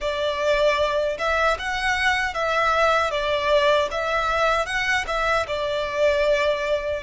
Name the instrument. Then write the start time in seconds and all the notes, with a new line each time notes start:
violin
0.00 D5
1.18 E5
1.58 F#5
2.34 E5
3.11 D5
3.91 E5
4.65 F#5
5.07 E5
5.47 D5